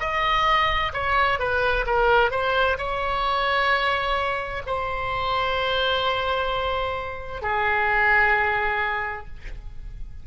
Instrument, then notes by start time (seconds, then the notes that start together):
oboe
0.00 D#5
0.94 C#5
1.39 B4
1.87 A#4
2.31 C5
2.78 C#5
4.67 C5
7.42 G#4